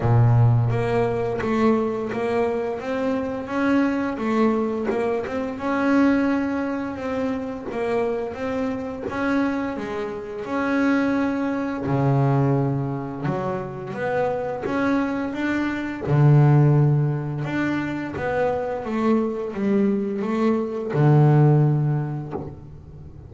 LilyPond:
\new Staff \with { instrumentName = "double bass" } { \time 4/4 \tempo 4 = 86 ais,4 ais4 a4 ais4 | c'4 cis'4 a4 ais8 c'8 | cis'2 c'4 ais4 | c'4 cis'4 gis4 cis'4~ |
cis'4 cis2 fis4 | b4 cis'4 d'4 d4~ | d4 d'4 b4 a4 | g4 a4 d2 | }